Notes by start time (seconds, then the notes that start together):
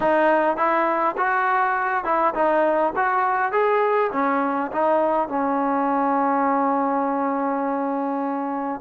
0.00 D#4
0.56 E4
1.17 F#4
2.04 E4
2.34 D#4
2.95 F#4
3.52 G#4
4.12 C#4
4.71 D#4
5.28 C#4